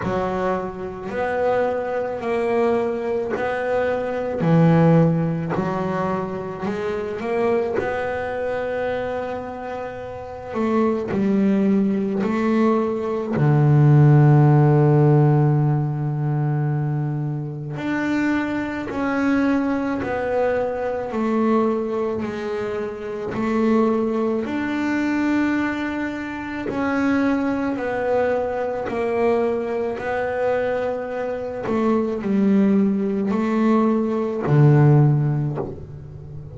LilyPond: \new Staff \with { instrumentName = "double bass" } { \time 4/4 \tempo 4 = 54 fis4 b4 ais4 b4 | e4 fis4 gis8 ais8 b4~ | b4. a8 g4 a4 | d1 |
d'4 cis'4 b4 a4 | gis4 a4 d'2 | cis'4 b4 ais4 b4~ | b8 a8 g4 a4 d4 | }